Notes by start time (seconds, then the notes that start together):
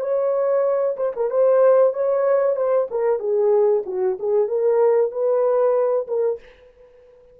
0.00 C#5
0.96 C5
1.15 A#4
1.30 C5
1.93 C#5
2.56 C5
2.90 A#4
3.19 G#4
3.86 F#4
4.19 G#4
4.48 A#4
5.11 B4
6.07 A#4